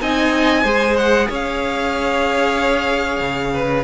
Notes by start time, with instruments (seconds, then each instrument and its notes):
0.00 cello C4, viola D#4, violin D#5 G#5
0.63 cello G#3, viola G#4, violin C5
0.96 violin F#5
1.29 cello C#4, violin C#5 F5
3.20 cello C#3
3.53 violin B4